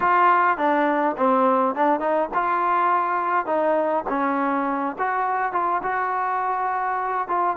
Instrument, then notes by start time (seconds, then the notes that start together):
trombone
0.00 F4
0.57 D4
1.17 C4
1.75 D4
2.00 D#4
2.34 F4
3.46 D#4
4.08 C#4
4.98 F#4
5.52 F4
5.83 F#4
7.28 F4